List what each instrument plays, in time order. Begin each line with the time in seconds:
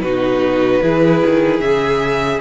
0.00 cello B2, viola D#4, violin F#4 B4
0.82 cello E3, viola E4, violin G#4
1.26 cello D#3
1.59 cello C#3, viola G#4, violin E5